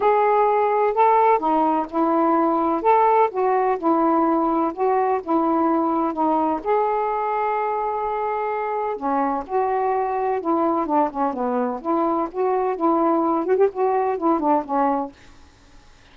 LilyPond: \new Staff \with { instrumentName = "saxophone" } { \time 4/4 \tempo 4 = 127 gis'2 a'4 dis'4 | e'2 a'4 fis'4 | e'2 fis'4 e'4~ | e'4 dis'4 gis'2~ |
gis'2. cis'4 | fis'2 e'4 d'8 cis'8 | b4 e'4 fis'4 e'4~ | e'8 fis'16 g'16 fis'4 e'8 d'8 cis'4 | }